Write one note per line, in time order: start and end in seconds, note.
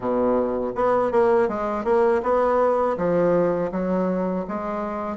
0.00 0.72 B2
0.75 1.11 B3
1.11 1.48 A#3
1.48 1.84 G#3
1.84 2.21 A#3
2.22 2.96 B3
2.97 3.71 F3
3.71 4.45 F#3
4.47 5.16 G#3